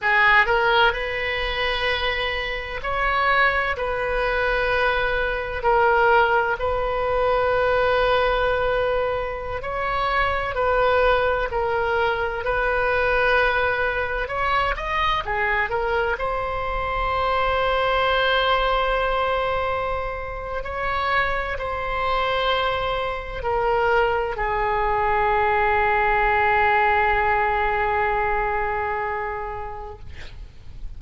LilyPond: \new Staff \with { instrumentName = "oboe" } { \time 4/4 \tempo 4 = 64 gis'8 ais'8 b'2 cis''4 | b'2 ais'4 b'4~ | b'2~ b'16 cis''4 b'8.~ | b'16 ais'4 b'2 cis''8 dis''16~ |
dis''16 gis'8 ais'8 c''2~ c''8.~ | c''2 cis''4 c''4~ | c''4 ais'4 gis'2~ | gis'1 | }